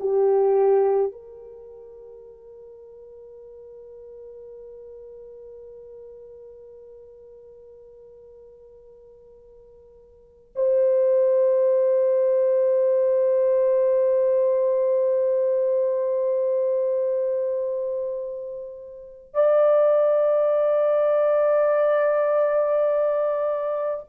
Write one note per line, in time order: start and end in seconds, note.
0.00 1.12 G4
1.12 10.53 A#4
10.56 19.34 C5
19.34 24.05 D5